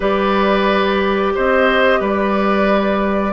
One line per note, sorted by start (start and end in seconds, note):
0.00 1.33 G3
0.00 3.31 G4
0.00 1.33 B4
0.00 1.34 D5
1.34 2.00 C4
1.34 1.99 C5
1.34 2.02 D#5
1.99 3.33 G3
1.99 3.33 B4
1.99 3.33 D5